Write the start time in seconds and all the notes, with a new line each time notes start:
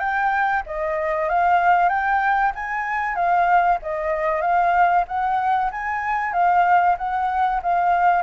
0.00 G5
0.67 D#5
1.30 F5
1.89 G5
2.56 G#5
3.16 F5
3.83 D#5
4.42 F5
5.08 F#5
5.72 G#5
6.33 F5
6.98 F#5
7.63 F5